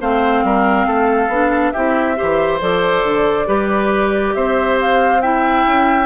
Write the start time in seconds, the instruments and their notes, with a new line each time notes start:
0.00 bassoon A3, clarinet C4, oboe C5, flute F5
0.43 bassoon G3, oboe A#4
0.86 bassoon A3, oboe A4
1.28 bassoon B3, clarinet D4
1.71 bassoon C4, clarinet E4, oboe G4, flute E5
2.16 bassoon E3, clarinet G4, oboe C5
2.61 bassoon F3, clarinet A4, flute D5
3.04 bassoon D3
3.46 bassoon G3, clarinet G4, oboe B4
4.34 bassoon C4, oboe C5, flute E5
4.81 flute F5
5.21 clarinet E4, oboe E5, flute G5
5.66 bassoon C#4